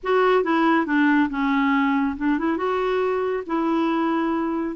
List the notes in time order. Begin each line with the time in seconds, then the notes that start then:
0.03 F#4
0.43 E4
0.86 D4
1.29 C#4
2.17 D4
2.38 E4
2.57 F#4
3.46 E4